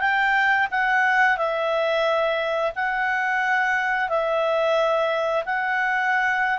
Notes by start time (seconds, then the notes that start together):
0.00 G5
0.71 F#5
1.37 E5
2.75 F#5
4.09 E5
5.45 F#5